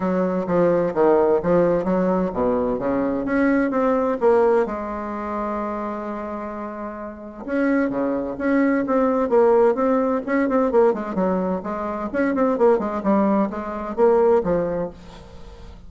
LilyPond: \new Staff \with { instrumentName = "bassoon" } { \time 4/4 \tempo 4 = 129 fis4 f4 dis4 f4 | fis4 b,4 cis4 cis'4 | c'4 ais4 gis2~ | gis1 |
cis'4 cis4 cis'4 c'4 | ais4 c'4 cis'8 c'8 ais8 gis8 | fis4 gis4 cis'8 c'8 ais8 gis8 | g4 gis4 ais4 f4 | }